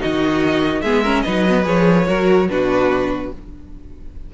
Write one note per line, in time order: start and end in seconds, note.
0.00 0.82 D#3
0.00 0.83 D#4
0.00 0.83 F#4
0.00 0.82 D#5
0.82 1.23 G#3
0.82 1.05 B3
0.82 1.03 G#4
0.82 1.22 E5
1.03 1.26 C#4
1.03 1.24 A#4
1.22 1.66 F#3
1.22 1.47 D#4
1.22 2.08 B4
1.22 1.64 D#5
1.49 1.63 B3
1.63 2.07 F3
1.63 2.05 G#4
1.63 2.49 C#5
2.07 2.49 F#3
2.07 2.49 F#4
2.07 2.49 A#4
2.49 3.32 B2
2.49 3.32 D4
2.49 3.34 F#4
2.49 3.32 B4